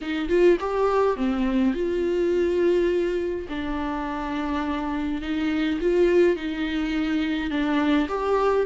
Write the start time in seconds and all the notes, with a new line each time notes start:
0.01 D#4
0.28 F4
0.60 G4
1.16 C4
1.74 F4
3.49 D4
5.21 D#4
5.81 F4
6.36 D#4
7.50 D4
8.08 G4